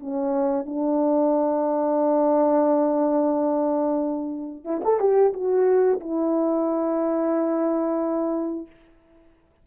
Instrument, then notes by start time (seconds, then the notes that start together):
horn
0.00 C#4
0.65 D4
4.65 E4
4.84 A4
5.00 G4
5.33 F#4
6.00 E4